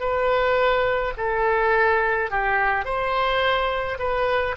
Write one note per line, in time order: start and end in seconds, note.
0.00 1.13 B4
1.17 2.30 A4
2.30 2.85 G4
2.85 3.98 C5
3.99 4.55 B4